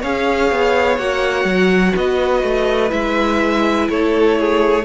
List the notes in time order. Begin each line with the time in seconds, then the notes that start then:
0.00 C#4 G#4 C#5 F5
0.51 B3
0.98 A#3 F#4 F#5
1.44 F#3
1.96 B3 B4 D#5
2.43 A3
2.89 G#3 E4 E5
3.89 A3 A4 C#5
4.39 G#4